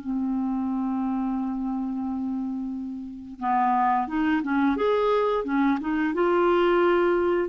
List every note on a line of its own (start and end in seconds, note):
0.00 3.39 C4
3.39 4.08 B3
4.08 4.42 D#4
4.43 4.76 C#4
4.76 5.44 G#4
5.44 5.78 C#4
5.80 6.14 D#4
6.14 7.48 F4